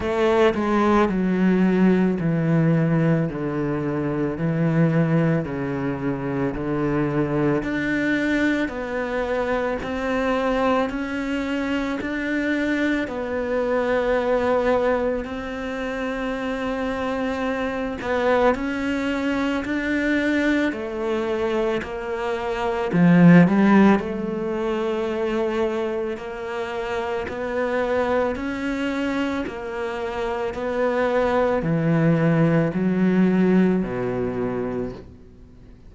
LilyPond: \new Staff \with { instrumentName = "cello" } { \time 4/4 \tempo 4 = 55 a8 gis8 fis4 e4 d4 | e4 cis4 d4 d'4 | b4 c'4 cis'4 d'4 | b2 c'2~ |
c'8 b8 cis'4 d'4 a4 | ais4 f8 g8 a2 | ais4 b4 cis'4 ais4 | b4 e4 fis4 b,4 | }